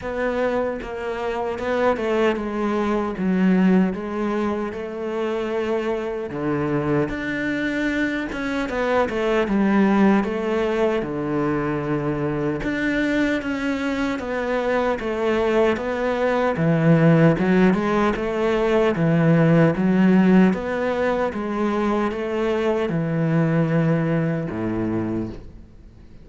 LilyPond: \new Staff \with { instrumentName = "cello" } { \time 4/4 \tempo 4 = 76 b4 ais4 b8 a8 gis4 | fis4 gis4 a2 | d4 d'4. cis'8 b8 a8 | g4 a4 d2 |
d'4 cis'4 b4 a4 | b4 e4 fis8 gis8 a4 | e4 fis4 b4 gis4 | a4 e2 a,4 | }